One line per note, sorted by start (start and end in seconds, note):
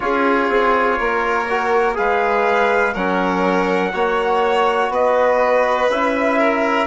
0.00 0.48 C#4
0.00 1.46 F4
0.00 0.98 G#4
0.00 1.96 C#5
0.48 0.98 C4
0.98 1.98 A#3
0.98 1.96 A#4
1.49 1.94 F#4
1.94 2.95 G#3
1.94 2.92 G#4
1.94 2.93 B4
1.94 2.94 F5
2.93 3.93 F#3
2.93 3.93 C#4
2.93 3.91 A#4
2.93 4.91 F#5
3.93 4.89 A#3
3.93 5.89 F#4
3.93 4.92 C#5
4.89 5.87 B3
4.89 6.38 B4
4.89 5.90 D#5
5.89 6.86 C#4
5.89 6.86 E4
5.89 6.86 E5
6.38 6.86 A#4